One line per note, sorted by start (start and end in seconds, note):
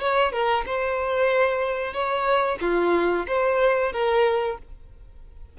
0.00 0.32 C#5
0.32 0.65 A#4
0.66 1.94 C5
1.94 2.59 C#5
2.61 3.26 F4
3.27 3.92 C5
3.92 4.58 A#4